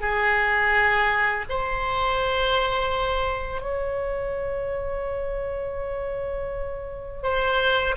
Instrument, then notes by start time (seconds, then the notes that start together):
oboe
0.00 G#4
1.49 C5
3.61 C#5
7.23 C5